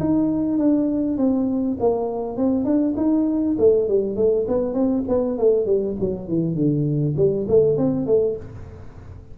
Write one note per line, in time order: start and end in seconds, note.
0.00 0.58 D#4
0.58 1.18 D4
1.18 1.78 C4
1.80 2.37 A#3
2.37 2.65 C4
2.65 2.95 D4
2.97 3.57 D#4
3.59 3.88 A3
3.88 4.16 G3
4.16 4.46 A3
4.48 4.74 B3
4.74 5.04 C4
5.08 5.38 B3
5.38 5.66 A3
5.66 5.96 G3
6.00 6.28 F#3
6.28 6.55 E3
6.55 7.15 D3
7.17 7.47 G3
7.48 7.78 A3
7.78 8.06 C4
8.06 8.36 A3